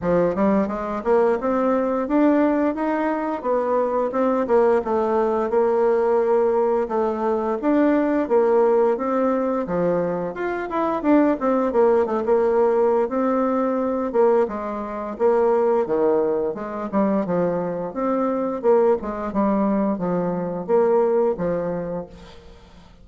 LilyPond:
\new Staff \with { instrumentName = "bassoon" } { \time 4/4 \tempo 4 = 87 f8 g8 gis8 ais8 c'4 d'4 | dis'4 b4 c'8 ais8 a4 | ais2 a4 d'4 | ais4 c'4 f4 f'8 e'8 |
d'8 c'8 ais8 a16 ais4~ ais16 c'4~ | c'8 ais8 gis4 ais4 dis4 | gis8 g8 f4 c'4 ais8 gis8 | g4 f4 ais4 f4 | }